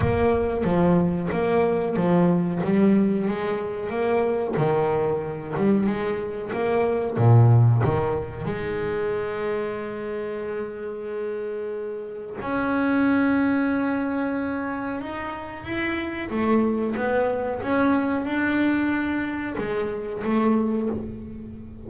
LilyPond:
\new Staff \with { instrumentName = "double bass" } { \time 4/4 \tempo 4 = 92 ais4 f4 ais4 f4 | g4 gis4 ais4 dis4~ | dis8 g8 gis4 ais4 ais,4 | dis4 gis2.~ |
gis2. cis'4~ | cis'2. dis'4 | e'4 a4 b4 cis'4 | d'2 gis4 a4 | }